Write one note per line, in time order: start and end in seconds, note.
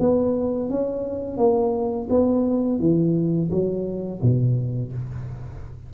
0.00 0.70 B3
0.70 1.38 C#4
1.38 2.08 A#3
2.10 2.80 B3
2.80 3.50 E3
3.51 4.22 F#3
4.22 4.93 B2